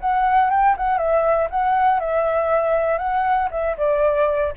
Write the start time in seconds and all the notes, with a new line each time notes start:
0.00 F#5
0.50 G5
0.77 F#5
0.98 E5
1.50 F#5
2.00 E5
2.98 F#5
3.51 E5
3.77 D5